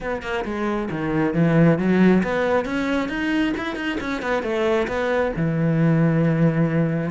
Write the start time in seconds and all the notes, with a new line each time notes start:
0.01 B3
0.22 A#3
0.44 G#3
0.91 D#3
1.34 E3
1.78 F#3
2.23 B3
2.65 C#4
3.08 D#4
3.57 E4
3.75 D#4
4.00 C#4
4.22 B3
4.42 A3
4.87 B3
5.36 E3